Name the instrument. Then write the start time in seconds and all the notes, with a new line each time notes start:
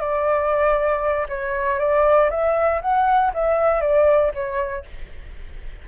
flute
0.00 D5
1.29 C#5
1.79 D5
2.31 E5
2.82 F#5
3.34 E5
3.81 D5
4.35 C#5